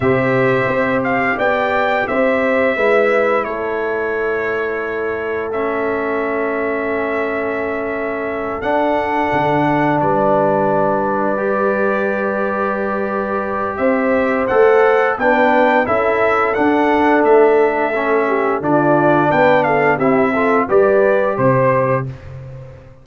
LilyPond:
<<
  \new Staff \with { instrumentName = "trumpet" } { \time 4/4 \tempo 4 = 87 e''4. f''8 g''4 e''4~ | e''4 cis''2. | e''1~ | e''8 fis''2 d''4.~ |
d''1 | e''4 fis''4 g''4 e''4 | fis''4 e''2 d''4 | g''8 f''8 e''4 d''4 c''4 | }
  \new Staff \with { instrumentName = "horn" } { \time 4/4 c''2 d''4 c''4 | b'4 a'2.~ | a'1~ | a'2~ a'8 b'4.~ |
b'1 | c''2 b'4 a'4~ | a'2~ a'8 g'8 f'4 | b'8 a'8 g'8 a'8 b'4 c''4 | }
  \new Staff \with { instrumentName = "trombone" } { \time 4/4 g'1 | e'1 | cis'1~ | cis'8 d'2.~ d'8~ |
d'8 g'2.~ g'8~ | g'4 a'4 d'4 e'4 | d'2 cis'4 d'4~ | d'4 e'8 f'8 g'2 | }
  \new Staff \with { instrumentName = "tuba" } { \time 4/4 c4 c'4 b4 c'4 | gis4 a2.~ | a1~ | a8 d'4 d4 g4.~ |
g1 | c'4 a4 b4 cis'4 | d'4 a2 d4 | b4 c'4 g4 c4 | }
>>